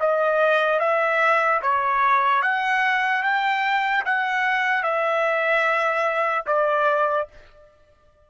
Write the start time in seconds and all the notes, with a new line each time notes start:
0.00 D#5
0.80 E5
1.62 C#5
2.42 F#5
3.23 G5
4.05 F#5
4.83 E5
6.46 D5